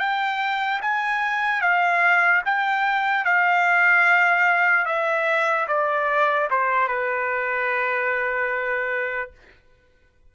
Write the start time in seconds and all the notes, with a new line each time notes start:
0.00 G5
0.82 G#5
1.61 F5
2.46 G5
3.25 F5
4.86 E5
5.68 D5
6.51 C5
6.88 B4